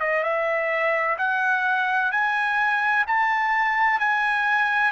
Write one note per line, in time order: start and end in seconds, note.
0.00 0.23 D#5
0.23 1.17 E5
1.18 2.11 F#5
2.11 3.05 G#5
3.07 4.00 A5
4.00 4.91 G#5